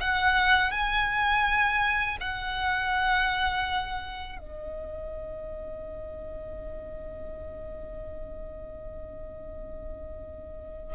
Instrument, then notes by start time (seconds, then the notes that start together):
violin
0.00 F#5
0.71 G#5
2.21 F#5
4.38 D#5